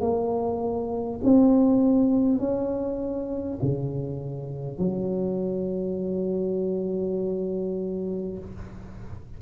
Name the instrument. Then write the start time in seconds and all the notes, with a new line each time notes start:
tuba
0.00 A#3
1.23 C4
2.38 C#4
3.62 C#3
4.78 F#3